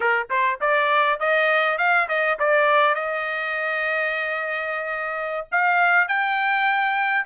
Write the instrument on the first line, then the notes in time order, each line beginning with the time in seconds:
trumpet
0.00 A#4
0.30 C5
0.60 D5
1.19 D#5
1.78 F5
2.08 D#5
2.39 D5
2.94 D#5
5.51 F5
6.08 G5